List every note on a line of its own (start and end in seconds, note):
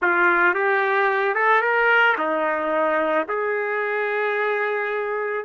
0.01 0.54 F4
0.54 1.35 G4
1.35 1.61 A4
1.61 2.15 A#4
2.17 3.27 D#4
3.28 5.45 G#4